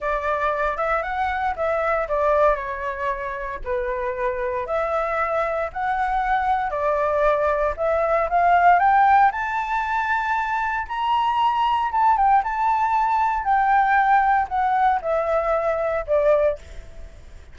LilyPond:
\new Staff \with { instrumentName = "flute" } { \time 4/4 \tempo 4 = 116 d''4. e''8 fis''4 e''4 | d''4 cis''2 b'4~ | b'4 e''2 fis''4~ | fis''4 d''2 e''4 |
f''4 g''4 a''2~ | a''4 ais''2 a''8 g''8 | a''2 g''2 | fis''4 e''2 d''4 | }